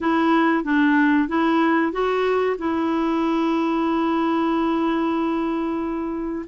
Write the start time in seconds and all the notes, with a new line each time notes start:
0.00 E4
0.64 D4
1.28 E4
1.92 F#4
2.58 E4